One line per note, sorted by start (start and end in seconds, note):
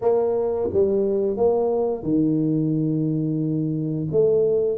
0.01 0.69 A#3
0.73 1.36 G3
1.36 2.03 A#3
2.03 4.07 D#3
4.11 4.77 A3